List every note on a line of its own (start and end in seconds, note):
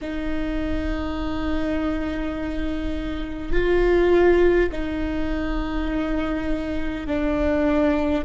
0.01 3.52 D#4
3.52 4.70 F4
4.71 7.06 D#4
7.06 8.24 D4